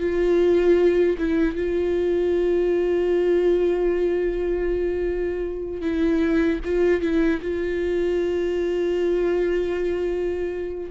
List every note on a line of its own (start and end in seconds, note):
0.00 1.17 F4
1.18 1.56 E4
1.56 5.82 F4
5.82 6.60 E4
6.64 7.01 F4
7.01 7.40 E4
7.42 10.91 F4